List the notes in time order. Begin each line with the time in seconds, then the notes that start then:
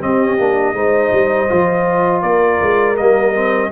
0.00 C4 G4 D#5
0.38 A#3 D4
0.74 G#3 D#4 C5
1.12 G3
1.48 F3 F4
2.22 A#3 A#4 D5
2.62 G#3
2.96 G3 A#3 D#5
3.34 C4